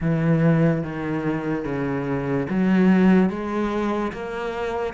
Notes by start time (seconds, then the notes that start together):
0.00 E3
0.83 D#3
1.64 C#3
2.49 F#3
3.29 G#3
4.12 A#3